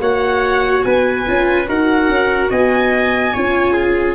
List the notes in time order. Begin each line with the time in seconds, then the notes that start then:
0.00 A#3 F#4 C#5 F#5
0.84 B3 B4 G#5
1.26 C#4 F4
1.66 D#4 F#4 A#4 F#5
2.09 C#4
2.50 B3 D#5 G#5
3.33 C#4 F4 C#5
3.73 G#4